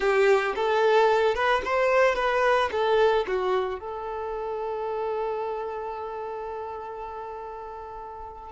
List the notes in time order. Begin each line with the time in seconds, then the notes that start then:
0.00 G4
0.55 A4
1.34 B4
1.64 C5
2.15 B4
2.71 A4
3.27 F#4
3.79 A4